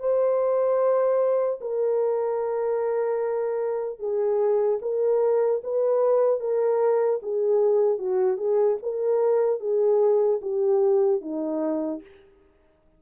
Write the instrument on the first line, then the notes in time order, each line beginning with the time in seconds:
horn
0.00 C5
1.61 A#4
3.99 G#4
4.82 A#4
5.64 B4
6.40 A#4
7.23 G#4
7.99 F#4
8.37 G#4
8.83 A#4
9.60 G#4
10.42 G4
11.21 D#4